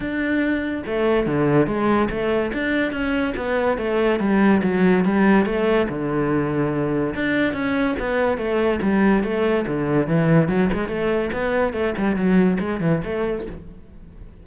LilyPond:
\new Staff \with { instrumentName = "cello" } { \time 4/4 \tempo 4 = 143 d'2 a4 d4 | gis4 a4 d'4 cis'4 | b4 a4 g4 fis4 | g4 a4 d2~ |
d4 d'4 cis'4 b4 | a4 g4 a4 d4 | e4 fis8 gis8 a4 b4 | a8 g8 fis4 gis8 e8 a4 | }